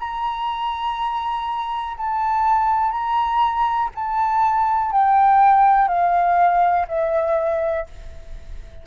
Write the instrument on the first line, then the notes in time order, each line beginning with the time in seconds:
flute
0.00 A#5
1.98 A5
2.92 A#5
3.96 A5
4.92 G5
5.89 F5
6.89 E5